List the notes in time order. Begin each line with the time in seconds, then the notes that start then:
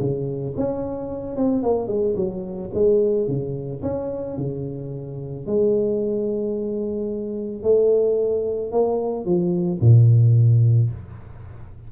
0.00 C#3
0.57 C#4
1.36 C4
1.63 A#3
1.88 G#3
2.16 F#3
2.74 G#3
3.28 C#3
3.83 C#4
4.37 C#3
5.46 G#3
7.63 A3
8.71 A#3
9.25 F3
9.81 A#2